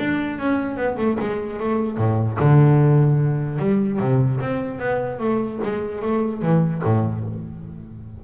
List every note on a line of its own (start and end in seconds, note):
0.00 0.39 D4
0.39 0.77 C#4
0.77 0.97 B3
0.98 1.18 A3
1.20 1.60 G#3
1.60 1.98 A3
1.98 2.38 A2
2.40 3.59 D3
3.59 4.00 G3
4.00 4.40 C3
4.41 4.79 C4
4.79 5.20 B3
5.20 5.60 A3
5.63 6.02 G#3
6.02 6.42 A3
6.42 6.83 E3
6.84 7.25 A2